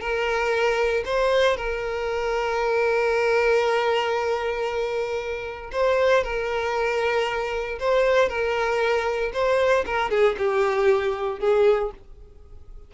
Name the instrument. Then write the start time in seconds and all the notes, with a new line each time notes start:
violin
0.00 A#4
1.05 C5
1.57 A#4
5.72 C5
6.23 A#4
7.79 C5
8.29 A#4
9.33 C5
9.86 A#4
10.10 G#4
10.38 G4
11.39 G#4